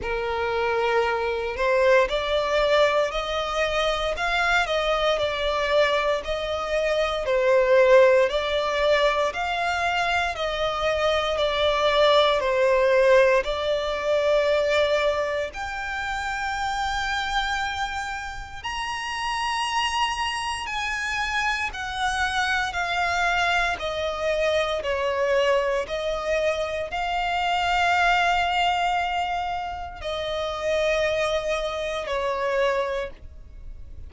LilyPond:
\new Staff \with { instrumentName = "violin" } { \time 4/4 \tempo 4 = 58 ais'4. c''8 d''4 dis''4 | f''8 dis''8 d''4 dis''4 c''4 | d''4 f''4 dis''4 d''4 | c''4 d''2 g''4~ |
g''2 ais''2 | gis''4 fis''4 f''4 dis''4 | cis''4 dis''4 f''2~ | f''4 dis''2 cis''4 | }